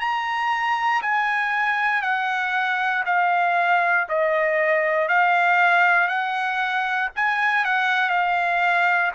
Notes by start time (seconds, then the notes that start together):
0.00 A#5
1.02 G#5
2.02 F#5
3.06 F5
4.09 D#5
5.08 F5
6.08 F#5
7.16 G#5
7.65 F#5
8.10 F5